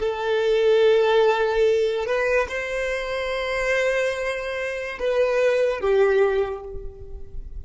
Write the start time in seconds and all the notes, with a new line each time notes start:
0.00 A4
2.06 B4
2.48 C5
4.99 B4
5.80 G4